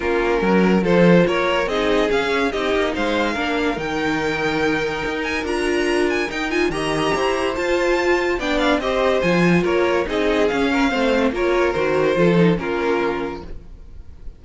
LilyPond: <<
  \new Staff \with { instrumentName = "violin" } { \time 4/4 \tempo 4 = 143 ais'2 c''4 cis''4 | dis''4 f''4 dis''4 f''4~ | f''4 g''2.~ | g''8 gis''8 ais''4. gis''8 g''8 gis''8 |
ais''2 a''2 | g''8 f''8 dis''4 gis''4 cis''4 | dis''4 f''2 cis''4 | c''2 ais'2 | }
  \new Staff \with { instrumentName = "violin" } { \time 4/4 f'4 ais'4 a'4 ais'4 | gis'2 g'4 c''4 | ais'1~ | ais'1 |
dis''4 c''2. | d''4 c''2 ais'4 | gis'4. ais'8 c''4 ais'4~ | ais'4 a'4 f'2 | }
  \new Staff \with { instrumentName = "viola" } { \time 4/4 cis'2 f'2 | dis'4 cis'4 dis'2 | d'4 dis'2.~ | dis'4 f'2 dis'8 f'8 |
g'2 f'2 | d'4 g'4 f'2 | dis'4 cis'4 c'4 f'4 | fis'4 f'8 dis'8 cis'2 | }
  \new Staff \with { instrumentName = "cello" } { \time 4/4 ais4 fis4 f4 ais4 | c'4 cis'4 c'8 ais8 gis4 | ais4 dis2. | dis'4 d'2 dis'4 |
dis4 e'4 f'2 | b4 c'4 f4 ais4 | c'4 cis'4 a4 ais4 | dis4 f4 ais2 | }
>>